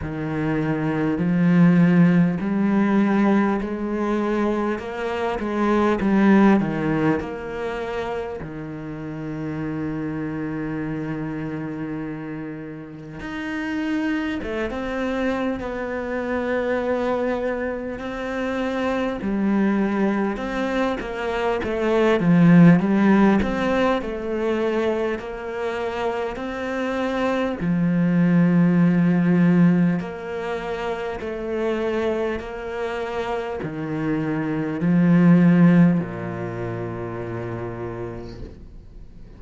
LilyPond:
\new Staff \with { instrumentName = "cello" } { \time 4/4 \tempo 4 = 50 dis4 f4 g4 gis4 | ais8 gis8 g8 dis8 ais4 dis4~ | dis2. dis'4 | a16 c'8. b2 c'4 |
g4 c'8 ais8 a8 f8 g8 c'8 | a4 ais4 c'4 f4~ | f4 ais4 a4 ais4 | dis4 f4 ais,2 | }